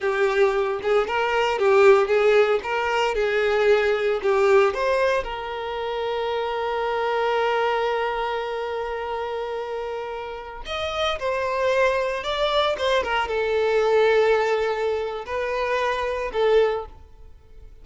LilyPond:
\new Staff \with { instrumentName = "violin" } { \time 4/4 \tempo 4 = 114 g'4. gis'8 ais'4 g'4 | gis'4 ais'4 gis'2 | g'4 c''4 ais'2~ | ais'1~ |
ais'1~ | ais'16 dis''4 c''2 d''8.~ | d''16 c''8 ais'8 a'2~ a'8.~ | a'4 b'2 a'4 | }